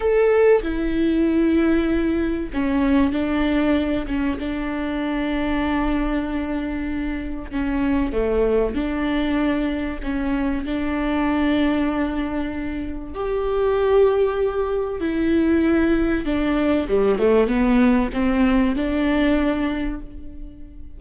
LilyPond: \new Staff \with { instrumentName = "viola" } { \time 4/4 \tempo 4 = 96 a'4 e'2. | cis'4 d'4. cis'8 d'4~ | d'1 | cis'4 a4 d'2 |
cis'4 d'2.~ | d'4 g'2. | e'2 d'4 g8 a8 | b4 c'4 d'2 | }